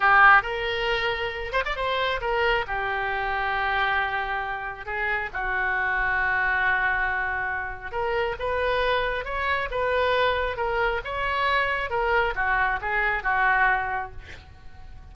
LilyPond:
\new Staff \with { instrumentName = "oboe" } { \time 4/4 \tempo 4 = 136 g'4 ais'2~ ais'8 c''16 d''16 | c''4 ais'4 g'2~ | g'2. gis'4 | fis'1~ |
fis'2 ais'4 b'4~ | b'4 cis''4 b'2 | ais'4 cis''2 ais'4 | fis'4 gis'4 fis'2 | }